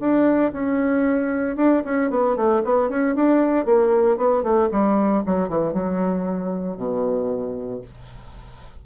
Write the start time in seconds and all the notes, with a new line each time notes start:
0.00 D4
0.53 C#4
1.57 D4
1.85 C#4
2.10 B3
2.36 A3
2.64 B3
2.90 C#4
3.15 D4
3.65 A#3
4.17 B3
4.43 A3
4.71 G3
5.26 F#3
5.49 E3
5.73 F#3
6.77 B2